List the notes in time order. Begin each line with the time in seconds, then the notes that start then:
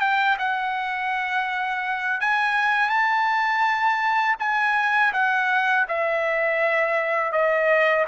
0.00 G5
0.39 F#5
2.21 G#5
2.89 A5
4.39 G#5
5.13 F#5
5.88 E5
7.32 D#5